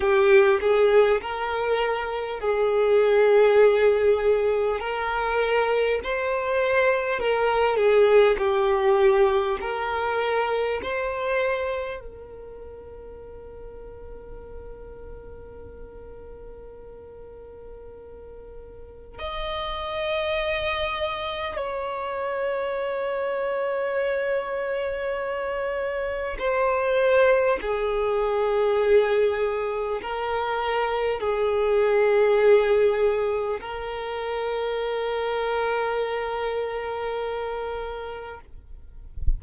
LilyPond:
\new Staff \with { instrumentName = "violin" } { \time 4/4 \tempo 4 = 50 g'8 gis'8 ais'4 gis'2 | ais'4 c''4 ais'8 gis'8 g'4 | ais'4 c''4 ais'2~ | ais'1 |
dis''2 cis''2~ | cis''2 c''4 gis'4~ | gis'4 ais'4 gis'2 | ais'1 | }